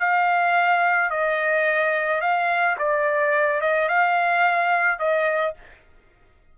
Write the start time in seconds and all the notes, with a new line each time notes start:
0.00 F5
1.11 D#5
2.21 F5
2.79 D5
3.61 D#5
3.89 F5
4.99 D#5